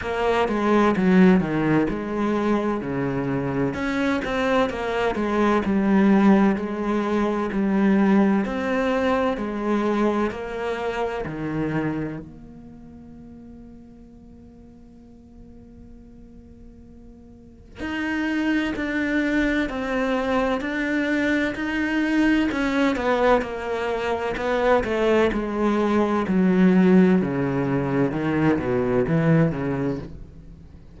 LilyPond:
\new Staff \with { instrumentName = "cello" } { \time 4/4 \tempo 4 = 64 ais8 gis8 fis8 dis8 gis4 cis4 | cis'8 c'8 ais8 gis8 g4 gis4 | g4 c'4 gis4 ais4 | dis4 ais2.~ |
ais2. dis'4 | d'4 c'4 d'4 dis'4 | cis'8 b8 ais4 b8 a8 gis4 | fis4 cis4 dis8 b,8 e8 cis8 | }